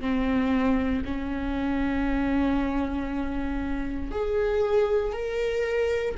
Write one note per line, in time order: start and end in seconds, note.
0.00 1.03 C4
1.04 4.11 C#4
4.11 5.12 G#4
5.12 6.15 A#4